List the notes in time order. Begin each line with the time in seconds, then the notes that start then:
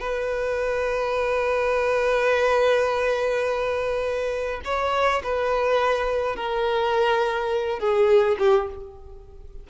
0.00 B4
4.65 C#5
5.24 B4
6.36 A#4
7.80 G#4
8.39 G4